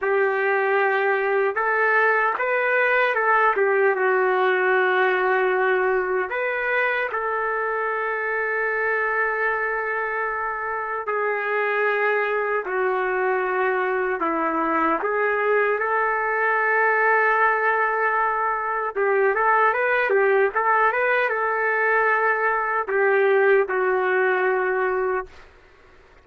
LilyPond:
\new Staff \with { instrumentName = "trumpet" } { \time 4/4 \tempo 4 = 76 g'2 a'4 b'4 | a'8 g'8 fis'2. | b'4 a'2.~ | a'2 gis'2 |
fis'2 e'4 gis'4 | a'1 | g'8 a'8 b'8 g'8 a'8 b'8 a'4~ | a'4 g'4 fis'2 | }